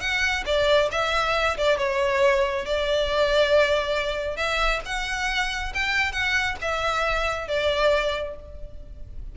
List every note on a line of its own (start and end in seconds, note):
0.00 0.44 F#5
0.46 0.89 D5
0.91 1.57 E5
1.57 1.78 D5
1.78 2.65 C#5
2.65 4.36 D5
4.36 4.80 E5
4.85 5.73 F#5
5.74 6.12 G5
6.12 6.56 F#5
6.61 7.48 E5
7.48 8.35 D5